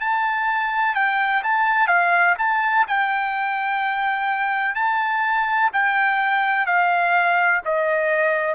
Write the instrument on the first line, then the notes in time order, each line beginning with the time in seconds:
trumpet
0.00 A5
0.95 G5
1.43 A5
1.87 F5
2.38 A5
2.87 G5
4.75 A5
5.73 G5
6.66 F5
7.65 D#5